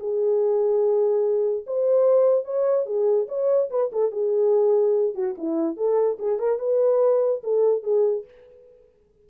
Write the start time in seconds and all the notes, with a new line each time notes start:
0.00 G#4
1.66 C5
2.45 C#5
2.86 G#4
3.28 C#5
3.70 B4
3.92 A4
4.12 G#4
5.15 F#4
5.38 E4
5.76 A4
6.19 G#4
6.39 A#4
6.59 B4
7.44 A4
7.83 G#4